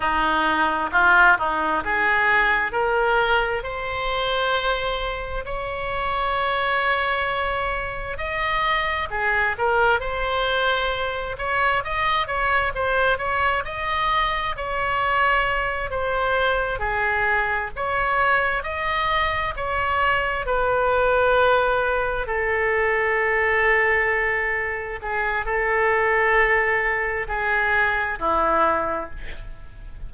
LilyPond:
\new Staff \with { instrumentName = "oboe" } { \time 4/4 \tempo 4 = 66 dis'4 f'8 dis'8 gis'4 ais'4 | c''2 cis''2~ | cis''4 dis''4 gis'8 ais'8 c''4~ | c''8 cis''8 dis''8 cis''8 c''8 cis''8 dis''4 |
cis''4. c''4 gis'4 cis''8~ | cis''8 dis''4 cis''4 b'4.~ | b'8 a'2. gis'8 | a'2 gis'4 e'4 | }